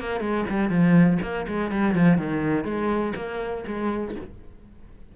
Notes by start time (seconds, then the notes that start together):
0.00 A#3
0.20 G#3
0.50 G3
0.69 F3
1.22 A#3
1.47 G#3
1.71 G3
1.95 F3
2.18 D#3
2.65 G#3
3.16 A#3
3.67 G#3